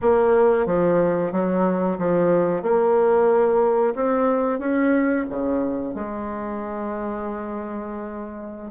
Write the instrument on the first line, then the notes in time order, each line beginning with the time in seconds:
bassoon
0.01 A#3
0.66 F3
1.32 F#3
1.98 F3
2.62 A#3
3.95 C4
4.59 C#4
5.29 C#3
5.94 G#3